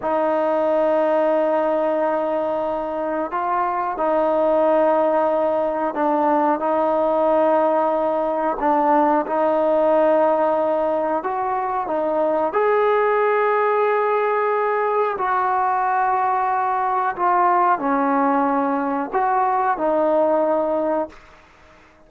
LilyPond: \new Staff \with { instrumentName = "trombone" } { \time 4/4 \tempo 4 = 91 dis'1~ | dis'4 f'4 dis'2~ | dis'4 d'4 dis'2~ | dis'4 d'4 dis'2~ |
dis'4 fis'4 dis'4 gis'4~ | gis'2. fis'4~ | fis'2 f'4 cis'4~ | cis'4 fis'4 dis'2 | }